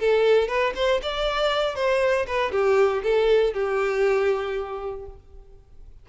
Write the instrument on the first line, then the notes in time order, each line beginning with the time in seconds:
violin
0.00 A4
0.48 B4
0.76 C5
1.03 D5
1.76 C5
2.27 B4
2.52 G4
3.03 A4
3.54 G4